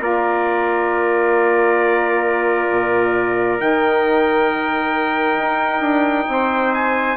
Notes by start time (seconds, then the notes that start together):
0.00 A#3 F4 A#4 D5
2.70 A#2
3.58 D#3 D#4 G5
5.38 D#4
5.80 D4
6.28 C4 C5
6.74 G#5